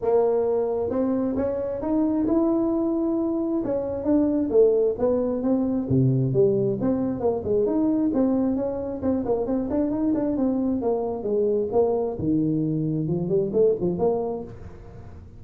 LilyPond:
\new Staff \with { instrumentName = "tuba" } { \time 4/4 \tempo 4 = 133 ais2 c'4 cis'4 | dis'4 e'2. | cis'4 d'4 a4 b4 | c'4 c4 g4 c'4 |
ais8 gis8 dis'4 c'4 cis'4 | c'8 ais8 c'8 d'8 dis'8 d'8 c'4 | ais4 gis4 ais4 dis4~ | dis4 f8 g8 a8 f8 ais4 | }